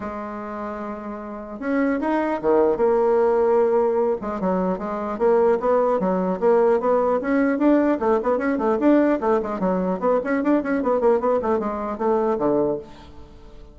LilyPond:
\new Staff \with { instrumentName = "bassoon" } { \time 4/4 \tempo 4 = 150 gis1 | cis'4 dis'4 dis4 ais4~ | ais2~ ais8 gis8 fis4 | gis4 ais4 b4 fis4 |
ais4 b4 cis'4 d'4 | a8 b8 cis'8 a8 d'4 a8 gis8 | fis4 b8 cis'8 d'8 cis'8 b8 ais8 | b8 a8 gis4 a4 d4 | }